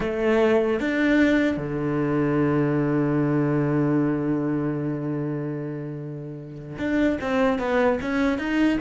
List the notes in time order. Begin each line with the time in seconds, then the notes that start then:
0.00 A3
0.80 D4
1.57 D3
6.78 D4
7.21 C4
7.58 B3
8.01 C#4
8.38 D#4